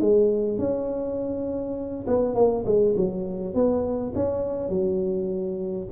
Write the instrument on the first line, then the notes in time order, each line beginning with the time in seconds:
tuba
0.00 G#3
0.58 C#4
2.07 B3
2.34 A#3
2.66 G#3
2.96 F#3
3.54 B3
4.15 C#4
4.69 F#3